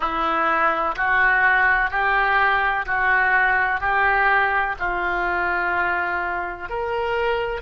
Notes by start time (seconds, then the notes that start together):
0.00 E4
0.96 F#4
1.90 G4
2.86 F#4
3.80 G4
4.79 F4
6.69 A#4